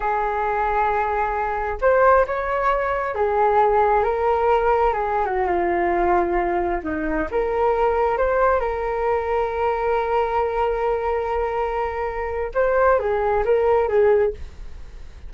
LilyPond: \new Staff \with { instrumentName = "flute" } { \time 4/4 \tempo 4 = 134 gis'1 | c''4 cis''2 gis'4~ | gis'4 ais'2 gis'8. fis'16~ | fis'16 f'2. dis'8.~ |
dis'16 ais'2 c''4 ais'8.~ | ais'1~ | ais'1 | c''4 gis'4 ais'4 gis'4 | }